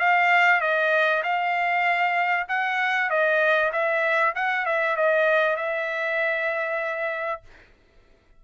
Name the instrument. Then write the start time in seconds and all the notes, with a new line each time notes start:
trumpet
0.00 F5
0.61 D#5
1.23 F5
2.49 F#5
3.10 D#5
3.73 E5
4.36 F#5
4.66 E5
4.97 D#5
5.56 E5